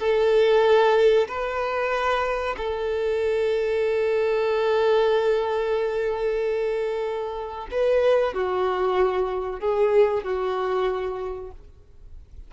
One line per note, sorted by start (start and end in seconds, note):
0.00 1.28 A4
1.28 2.56 B4
2.57 7.68 A4
7.71 8.34 B4
8.34 9.60 F#4
9.60 10.24 G#4
10.24 11.51 F#4